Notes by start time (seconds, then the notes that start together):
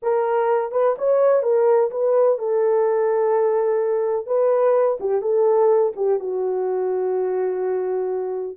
0.02 A#4
0.71 B4
0.98 C#5
1.42 A#4
1.90 B4
2.38 A4
4.26 B4
5.00 G4
5.21 A4
5.96 G4
6.19 F#4